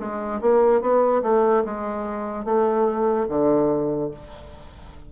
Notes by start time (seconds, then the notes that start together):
0.00 G#3
0.41 A#3
0.81 B3
1.23 A3
1.66 G#3
2.45 A3
3.29 D3